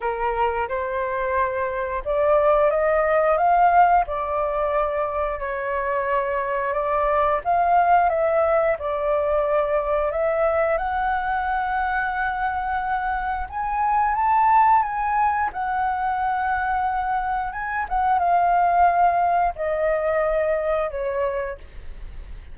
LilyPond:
\new Staff \with { instrumentName = "flute" } { \time 4/4 \tempo 4 = 89 ais'4 c''2 d''4 | dis''4 f''4 d''2 | cis''2 d''4 f''4 | e''4 d''2 e''4 |
fis''1 | gis''4 a''4 gis''4 fis''4~ | fis''2 gis''8 fis''8 f''4~ | f''4 dis''2 cis''4 | }